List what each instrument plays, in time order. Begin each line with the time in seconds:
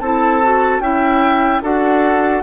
0.00 bassoon C4, clarinet E4, oboe A4, flute A5
0.43 clarinet F#4
0.80 bassoon C#4, clarinet E4, oboe E5, flute G5
1.62 bassoon D4, clarinet F#4, oboe A4, flute F#5